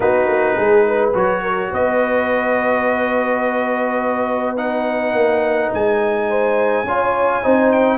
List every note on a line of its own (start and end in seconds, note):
0.00 0.27 B3
0.00 1.13 D#4
0.00 0.56 F#4
0.00 1.10 B4
0.27 0.56 A#3
0.56 1.14 G#3
0.56 0.85 G#4
0.85 1.42 B4
1.14 1.71 F#3
1.14 4.57 F#4
1.14 1.73 C#5
1.42 1.71 A#4
1.71 5.13 B3
1.71 6.28 B4
1.71 4.57 D#5
4.57 6.85 D#4
4.57 5.71 F#5
5.13 5.70 A#3
5.73 6.83 G#3
5.73 7.72 G#5
6.28 6.85 C5
6.83 7.40 C#4
6.83 7.42 F4
6.83 7.43 C#5
7.42 7.98 C4
7.42 7.98 D#4
7.42 7.98 C5
7.72 7.98 G5